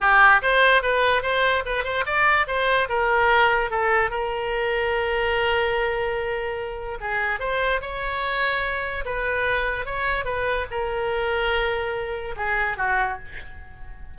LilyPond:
\new Staff \with { instrumentName = "oboe" } { \time 4/4 \tempo 4 = 146 g'4 c''4 b'4 c''4 | b'8 c''8 d''4 c''4 ais'4~ | ais'4 a'4 ais'2~ | ais'1~ |
ais'4 gis'4 c''4 cis''4~ | cis''2 b'2 | cis''4 b'4 ais'2~ | ais'2 gis'4 fis'4 | }